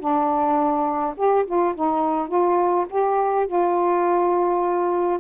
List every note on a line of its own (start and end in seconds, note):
0.00 1.15 D4
1.17 1.46 G4
1.46 1.75 F4
1.75 2.29 D#4
2.29 2.86 F4
2.90 3.47 G4
3.47 5.20 F4